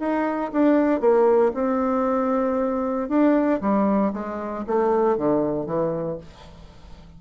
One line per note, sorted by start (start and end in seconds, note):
0.00 0.52 D#4
0.53 1.01 D4
1.01 1.53 A#3
1.54 3.09 C4
3.09 3.61 D4
3.61 4.13 G3
4.14 4.65 G#3
4.67 5.18 A3
5.18 5.66 D3
5.66 6.18 E3